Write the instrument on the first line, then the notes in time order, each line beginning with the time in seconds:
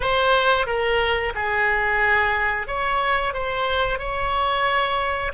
oboe
0.00 C5
0.66 A#4
1.35 G#4
2.67 C#5
3.33 C5
3.98 C#5